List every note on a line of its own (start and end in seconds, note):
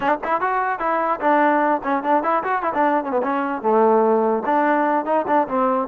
0.00 0.18 D4
0.24 0.40 E4
0.40 0.79 F#4
0.79 1.19 E4
1.20 1.81 D4
1.83 2.03 C#4
2.03 2.23 D4
2.23 2.43 E4
2.43 2.62 F#4
2.62 2.72 E4
2.73 3.04 D4
3.04 3.11 C#4
3.11 3.21 B3
3.22 3.62 C#4
3.62 4.43 A3
4.45 5.05 D4
5.05 5.25 D#4
5.27 5.47 D4
5.47 5.87 C4